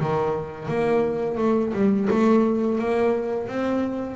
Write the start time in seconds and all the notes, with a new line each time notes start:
0.00 D#3
0.68 A#3
1.37 A3
1.73 G3
2.10 A3
2.78 A#3
3.48 C4